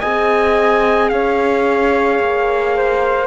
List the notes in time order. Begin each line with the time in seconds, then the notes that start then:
0.00 C4 G#4 D#5 G#5
1.09 C#4 C#5 F5
2.19 A#3
2.77 C5